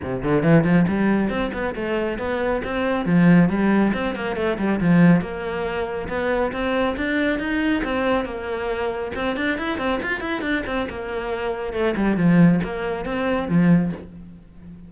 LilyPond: \new Staff \with { instrumentName = "cello" } { \time 4/4 \tempo 4 = 138 c8 d8 e8 f8 g4 c'8 b8 | a4 b4 c'4 f4 | g4 c'8 ais8 a8 g8 f4 | ais2 b4 c'4 |
d'4 dis'4 c'4 ais4~ | ais4 c'8 d'8 e'8 c'8 f'8 e'8 | d'8 c'8 ais2 a8 g8 | f4 ais4 c'4 f4 | }